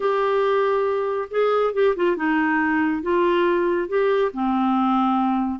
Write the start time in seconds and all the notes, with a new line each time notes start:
0.00 G4
1.30 G#4
1.73 G4
1.95 F4
2.16 D#4
3.02 F4
3.88 G4
4.33 C4